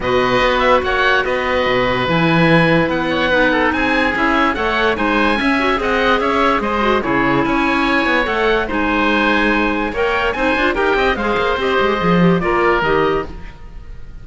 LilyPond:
<<
  \new Staff \with { instrumentName = "oboe" } { \time 4/4 \tempo 4 = 145 dis''4. e''8 fis''4 dis''4~ | dis''4 gis''2 fis''4~ | fis''4 gis''4 e''4 fis''4 | gis''2 fis''4 e''4 |
dis''4 cis''4 gis''2 | fis''4 gis''2. | g''4 gis''4 g''4 f''4 | dis''2 d''4 dis''4 | }
  \new Staff \with { instrumentName = "oboe" } { \time 4/4 b'2 cis''4 b'4~ | b'2.~ b'8 cis''8 | b'8 a'8 gis'2 cis''4 | c''4 e''4 dis''4 cis''4 |
c''4 gis'4 cis''2~ | cis''4 c''2. | cis''4 c''4 ais'8 dis''8 c''4~ | c''2 ais'2 | }
  \new Staff \with { instrumentName = "clarinet" } { \time 4/4 fis'1~ | fis'4 e'2. | dis'2 e'4 a'4 | dis'4 cis'8 fis'8 gis'2~ |
gis'8 fis'8 e'2. | a'4 dis'2. | ais'4 dis'8 f'8 g'4 gis'4 | g'4 gis'8 g'8 f'4 g'4 | }
  \new Staff \with { instrumentName = "cello" } { \time 4/4 b,4 b4 ais4 b4 | b,4 e2 b4~ | b4 c'4 cis'4 a4 | gis4 cis'4 c'4 cis'4 |
gis4 cis4 cis'4. b8 | a4 gis2. | ais4 c'8 d'8 dis'8 c'8 gis8 ais8 | c'8 gis8 f4 ais4 dis4 | }
>>